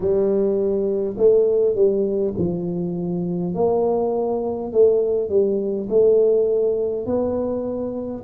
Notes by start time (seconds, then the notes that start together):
0.00 G3
1.17 A3
1.75 G3
2.37 F3
3.54 A#3
4.72 A3
5.29 G3
5.89 A3
7.06 B3